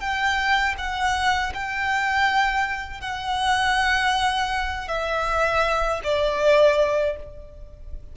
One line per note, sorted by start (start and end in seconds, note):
0.00 0.75 G5
0.78 1.53 F#5
1.54 3.01 G5
3.01 4.88 F#5
4.88 6.01 E5
6.04 7.17 D5